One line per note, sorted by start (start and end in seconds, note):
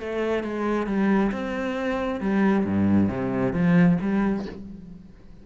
0.00 0.44 A3
0.44 0.87 G#3
0.87 1.32 G3
1.32 2.21 C4
2.21 2.65 G3
2.65 3.09 G2
3.09 3.53 C3
3.53 3.98 F3
4.02 4.46 G3